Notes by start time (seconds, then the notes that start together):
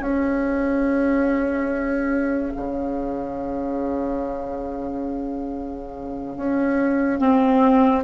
0.00 C#4 G#4 F5
2.57 C#3
6.37 C#4
7.19 C4